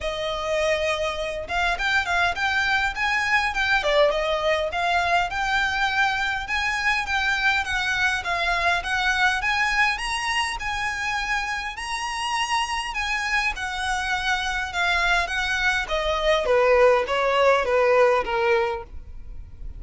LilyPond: \new Staff \with { instrumentName = "violin" } { \time 4/4 \tempo 4 = 102 dis''2~ dis''8 f''8 g''8 f''8 | g''4 gis''4 g''8 d''8 dis''4 | f''4 g''2 gis''4 | g''4 fis''4 f''4 fis''4 |
gis''4 ais''4 gis''2 | ais''2 gis''4 fis''4~ | fis''4 f''4 fis''4 dis''4 | b'4 cis''4 b'4 ais'4 | }